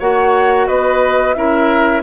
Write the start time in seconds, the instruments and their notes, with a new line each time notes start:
0.00 bassoon A#3, clarinet F#4, oboe C#5, flute F#5
0.67 bassoon B3, oboe B4, flute D#5
1.34 bassoon C#4, clarinet E4, oboe A#4, flute E5